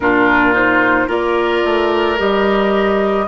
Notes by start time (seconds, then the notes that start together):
0.00 A#2 D4 F4 A#4
0.53 D#4 C5
1.07 A#3 F4 A#4 D5
1.64 A3
2.17 G3 G4 D#5